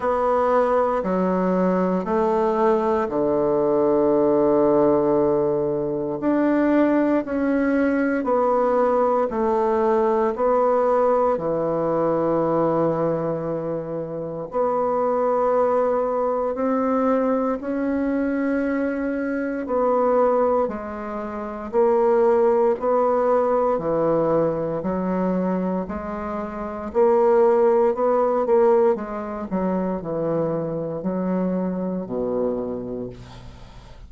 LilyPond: \new Staff \with { instrumentName = "bassoon" } { \time 4/4 \tempo 4 = 58 b4 fis4 a4 d4~ | d2 d'4 cis'4 | b4 a4 b4 e4~ | e2 b2 |
c'4 cis'2 b4 | gis4 ais4 b4 e4 | fis4 gis4 ais4 b8 ais8 | gis8 fis8 e4 fis4 b,4 | }